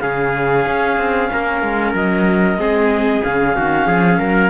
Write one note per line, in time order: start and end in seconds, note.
0.00 0.66 C#3
0.00 2.58 C#4
0.00 1.31 G#4
0.00 1.94 F5
0.66 0.97 C#4
0.97 1.30 C4
1.33 1.62 A#3
1.33 2.60 A#4
1.62 1.94 G#3
1.94 2.57 F#3
1.94 3.23 D#5
2.57 3.22 G#3
2.57 3.23 C4
2.57 3.56 G#4
3.23 3.57 C#3
3.23 4.51 C#4
3.23 4.51 F5
3.56 3.87 D#3
3.56 3.87 F#4
3.87 4.19 F3
3.87 4.19 G#4
4.19 4.51 F#3
4.19 4.51 A#4